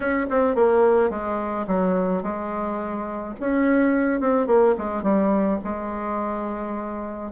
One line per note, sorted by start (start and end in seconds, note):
0.00 0.26 C#4
0.30 0.55 C4
0.55 1.09 A#3
1.09 1.65 G#3
1.67 2.22 F#3
2.22 3.34 G#3
3.40 4.20 C#4
4.20 4.47 C4
4.47 4.75 A#3
4.78 5.03 G#3
5.03 5.59 G3
5.64 7.31 G#3